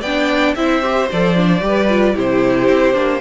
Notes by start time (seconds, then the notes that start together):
0.00 B3 D4 D5 G5
0.55 C4 E4 C5 E5
0.82 G4
1.11 F3 A4 D5
1.36 D4
1.60 G3 G4 B4
1.89 F4
2.14 C3 E4 G4 C5
2.68 C4
2.93 A#3 D4